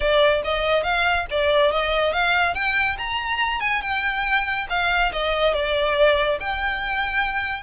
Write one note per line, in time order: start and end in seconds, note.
0.00 0.42 D5
0.44 0.83 D#5
0.83 1.26 F5
1.30 1.71 D5
1.71 2.12 D#5
2.12 2.54 F5
2.54 2.97 G5
2.98 3.60 A#5
3.60 3.81 G#5
3.81 4.66 G5
4.69 5.12 F5
5.12 5.53 D#5
5.53 6.38 D5
6.40 7.62 G5